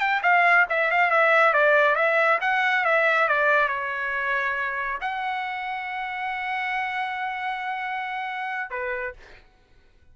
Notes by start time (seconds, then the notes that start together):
0.00 G5
0.23 F5
0.70 E5
0.91 F5
1.11 E5
1.54 D5
1.96 E5
2.41 F#5
2.85 E5
3.29 D5
3.69 C#5
5.01 F#5
8.70 B4